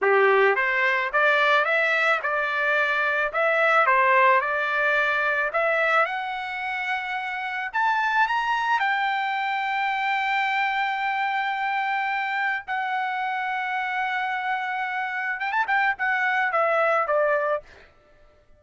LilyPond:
\new Staff \with { instrumentName = "trumpet" } { \time 4/4 \tempo 4 = 109 g'4 c''4 d''4 e''4 | d''2 e''4 c''4 | d''2 e''4 fis''4~ | fis''2 a''4 ais''4 |
g''1~ | g''2. fis''4~ | fis''1 | g''16 a''16 g''8 fis''4 e''4 d''4 | }